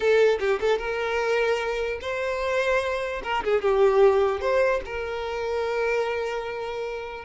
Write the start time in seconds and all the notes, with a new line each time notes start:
0.00 A4
0.39 G4
0.60 A4
0.78 A#4
2.01 C5
3.23 A#4
3.44 G#4
3.61 G4
4.40 C5
4.85 A#4